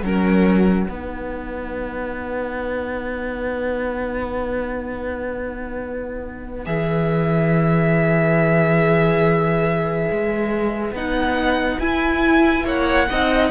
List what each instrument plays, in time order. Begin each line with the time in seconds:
0.00 cello F#3, viola C#4, violin A#4 F#5
0.86 cello B3, viola D#4, violin B4
6.65 cello E3, viola G#4, violin E5
10.11 cello G#3
10.92 cello B3, viola D#4, violin F#5
11.79 cello E4, viola E4, violin G#5
12.64 cello A#3, violin C#5 F#5
13.09 cello C4, viola D#4, violin D#5